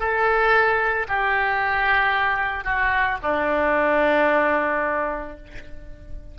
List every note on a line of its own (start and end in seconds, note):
0.00 1.07 A4
1.09 2.64 G4
2.64 3.18 F#4
3.23 5.37 D4